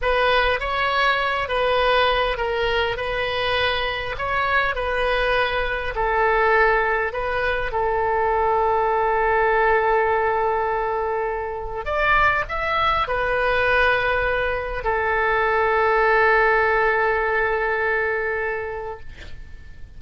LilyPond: \new Staff \with { instrumentName = "oboe" } { \time 4/4 \tempo 4 = 101 b'4 cis''4. b'4. | ais'4 b'2 cis''4 | b'2 a'2 | b'4 a'2.~ |
a'1 | d''4 e''4 b'2~ | b'4 a'2.~ | a'1 | }